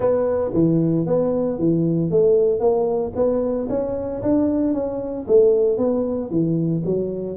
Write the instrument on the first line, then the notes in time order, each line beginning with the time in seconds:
tuba
0.00 B3
0.53 E3
1.06 B3
1.58 E3
2.11 A3
2.59 A#3
3.15 B3
3.69 C#4
4.22 D4
4.73 C#4
5.27 A3
5.77 B3
6.30 E3
6.85 F#3